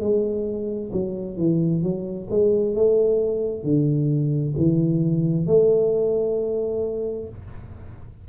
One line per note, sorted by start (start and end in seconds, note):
0.00 0.91 G#3
0.92 1.37 F#3
1.37 1.82 E3
1.82 2.28 F#3
2.30 2.75 G#3
2.75 3.63 A3
3.63 4.54 D3
4.57 5.46 E3
5.46 7.28 A3